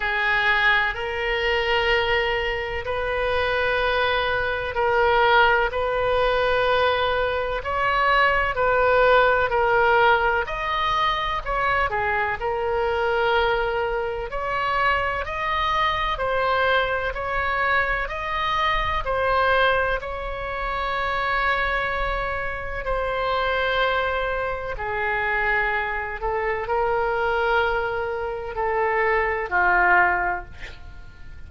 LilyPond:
\new Staff \with { instrumentName = "oboe" } { \time 4/4 \tempo 4 = 63 gis'4 ais'2 b'4~ | b'4 ais'4 b'2 | cis''4 b'4 ais'4 dis''4 | cis''8 gis'8 ais'2 cis''4 |
dis''4 c''4 cis''4 dis''4 | c''4 cis''2. | c''2 gis'4. a'8 | ais'2 a'4 f'4 | }